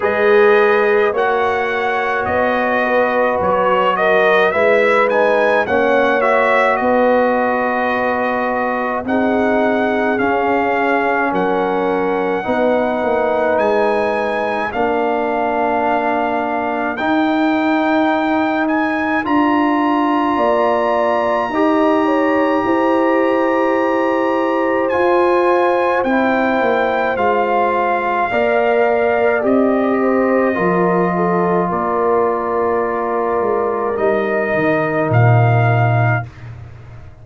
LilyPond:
<<
  \new Staff \with { instrumentName = "trumpet" } { \time 4/4 \tempo 4 = 53 dis''4 fis''4 dis''4 cis''8 dis''8 | e''8 gis''8 fis''8 e''8 dis''2 | fis''4 f''4 fis''2 | gis''4 f''2 g''4~ |
g''8 gis''8 ais''2.~ | ais''2 gis''4 g''4 | f''2 dis''2 | d''2 dis''4 f''4 | }
  \new Staff \with { instrumentName = "horn" } { \time 4/4 b'4 cis''4. b'4 ais'8 | b'4 cis''4 b'2 | gis'2 ais'4 b'4~ | b'4 ais'2.~ |
ais'2 d''4 dis''8 cis''8 | c''1~ | c''4 d''4. c''8 ais'8 a'8 | ais'1 | }
  \new Staff \with { instrumentName = "trombone" } { \time 4/4 gis'4 fis'2. | e'8 dis'8 cis'8 fis'2~ fis'8 | dis'4 cis'2 dis'4~ | dis'4 d'2 dis'4~ |
dis'4 f'2 g'4~ | g'2 f'4 e'4 | f'4 ais'4 g'4 f'4~ | f'2 dis'2 | }
  \new Staff \with { instrumentName = "tuba" } { \time 4/4 gis4 ais4 b4 fis4 | gis4 ais4 b2 | c'4 cis'4 fis4 b8 ais8 | gis4 ais2 dis'4~ |
dis'4 d'4 ais4 dis'4 | e'2 f'4 c'8 ais8 | gis4 ais4 c'4 f4 | ais4. gis8 g8 dis8 ais,4 | }
>>